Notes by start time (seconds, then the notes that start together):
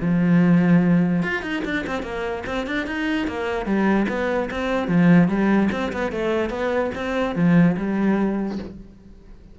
0.00 F3
1.22 F4
1.42 D#4
1.64 D4
1.87 C4
2.02 A#3
2.46 C4
2.66 D4
2.86 D#4
3.27 A#3
3.66 G3
4.08 B3
4.50 C4
4.87 F3
5.28 G3
5.72 C4
5.92 B3
6.12 A3
6.50 B3
6.95 C4
7.35 F3
7.77 G3